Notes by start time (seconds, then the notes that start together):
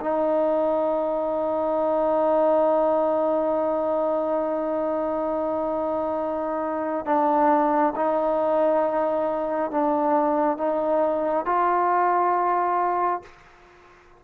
0.00 D#4
7.05 D4
7.96 D#4
9.71 D4
10.57 D#4
11.45 F4